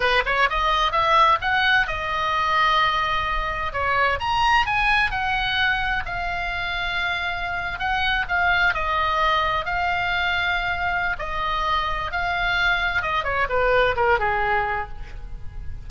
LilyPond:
\new Staff \with { instrumentName = "oboe" } { \time 4/4 \tempo 4 = 129 b'8 cis''8 dis''4 e''4 fis''4 | dis''1 | cis''4 ais''4 gis''4 fis''4~ | fis''4 f''2.~ |
f''8. fis''4 f''4 dis''4~ dis''16~ | dis''8. f''2.~ f''16 | dis''2 f''2 | dis''8 cis''8 b'4 ais'8 gis'4. | }